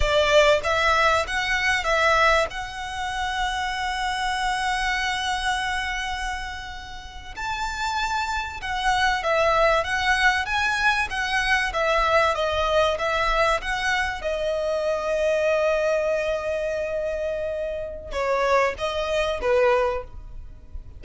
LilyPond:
\new Staff \with { instrumentName = "violin" } { \time 4/4 \tempo 4 = 96 d''4 e''4 fis''4 e''4 | fis''1~ | fis''2.~ fis''8. a''16~ | a''4.~ a''16 fis''4 e''4 fis''16~ |
fis''8. gis''4 fis''4 e''4 dis''16~ | dis''8. e''4 fis''4 dis''4~ dis''16~ | dis''1~ | dis''4 cis''4 dis''4 b'4 | }